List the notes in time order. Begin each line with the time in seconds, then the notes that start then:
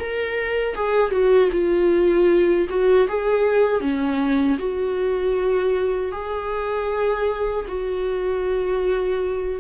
0.00 A#4
0.76 G#4
1.12 F#4
1.52 F4
2.70 F#4
3.09 G#4
3.81 C#4
4.59 F#4
6.12 G#4
7.68 F#4